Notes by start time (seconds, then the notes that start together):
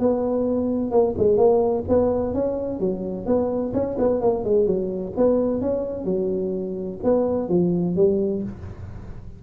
0.00 B3
0.91 A#3
1.18 G#3
1.37 A#3
1.89 B3
2.34 C#4
2.80 F#3
3.26 B3
3.74 C#4
3.99 B3
4.21 A#3
4.45 G#3
4.67 F#3
5.17 B3
5.62 C#4
6.05 F#3
7.04 B3
7.49 F3
7.96 G3